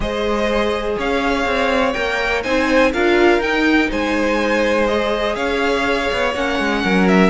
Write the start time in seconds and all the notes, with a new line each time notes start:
0.00 G#3 G#4 C5 D#5
0.98 C#4 C#5 F5
1.45 C4
1.93 A#3 A#4 G5
2.43 C4 D#4 C5 G#5
2.92 D4 F4 A#4 F5
3.38 D#4 G5
3.89 G#3 C5 G#5
4.87 G#4 D#5
5.35 C#4 C#5 F5
6.12 B3
6.35 A#3 C#4 F#5
6.59 G#3
6.83 F#3 A#4
7.08 E5